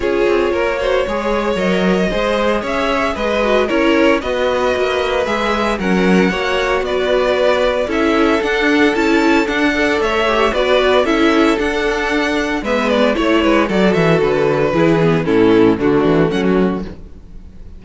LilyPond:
<<
  \new Staff \with { instrumentName = "violin" } { \time 4/4 \tempo 4 = 114 cis''2. dis''4~ | dis''4 e''4 dis''4 cis''4 | dis''2 e''4 fis''4~ | fis''4 d''2 e''4 |
fis''4 a''4 fis''4 e''4 | d''4 e''4 fis''2 | e''8 d''8 cis''4 d''8 e''8 b'4~ | b'4 a'4 fis'4 fis''16 fis'8. | }
  \new Staff \with { instrumentName = "violin" } { \time 4/4 gis'4 ais'8 c''8 cis''2 | c''4 cis''4 b'4 ais'4 | b'2. ais'4 | cis''4 b'2 a'4~ |
a'2~ a'8 d''8 cis''4 | b'4 a'2. | b'4 cis''8 b'8 a'2 | gis'4 e'4 d'4 cis'4 | }
  \new Staff \with { instrumentName = "viola" } { \time 4/4 f'4. fis'8 gis'4 ais'4 | gis'2~ gis'8 fis'8 e'4 | fis'2 gis'4 cis'4 | fis'2. e'4 |
d'4 e'4 d'8 a'4 g'8 | fis'4 e'4 d'2 | b4 e'4 fis'2 | e'8 b8 cis'4 a2 | }
  \new Staff \with { instrumentName = "cello" } { \time 4/4 cis'8 c'8 ais4 gis4 fis4 | gis4 cis'4 gis4 cis'4 | b4 ais4 gis4 fis4 | ais4 b2 cis'4 |
d'4 cis'4 d'4 a4 | b4 cis'4 d'2 | gis4 a8 gis8 fis8 e8 d4 | e4 a,4 d8 e8 fis4 | }
>>